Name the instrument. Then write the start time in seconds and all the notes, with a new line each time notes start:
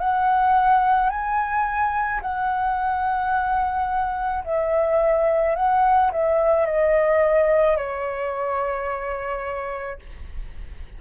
flute
0.00 F#5
1.10 G#5
2.22 F#5
4.44 E5
5.56 F#5
6.12 E5
6.66 D#5
7.77 C#5